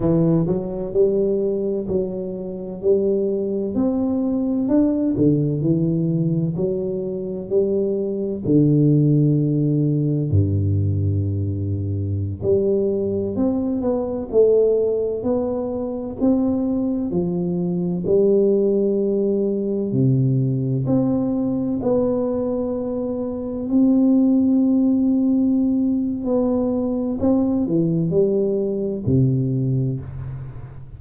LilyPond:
\new Staff \with { instrumentName = "tuba" } { \time 4/4 \tempo 4 = 64 e8 fis8 g4 fis4 g4 | c'4 d'8 d8 e4 fis4 | g4 d2 g,4~ | g,4~ g,16 g4 c'8 b8 a8.~ |
a16 b4 c'4 f4 g8.~ | g4~ g16 c4 c'4 b8.~ | b4~ b16 c'2~ c'8. | b4 c'8 e8 g4 c4 | }